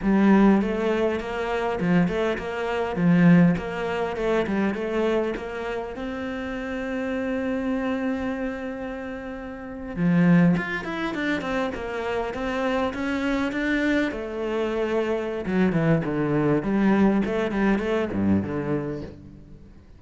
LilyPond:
\new Staff \with { instrumentName = "cello" } { \time 4/4 \tempo 4 = 101 g4 a4 ais4 f8 a8 | ais4 f4 ais4 a8 g8 | a4 ais4 c'2~ | c'1~ |
c'8. f4 f'8 e'8 d'8 c'8 ais16~ | ais8. c'4 cis'4 d'4 a16~ | a2 fis8 e8 d4 | g4 a8 g8 a8 g,8 d4 | }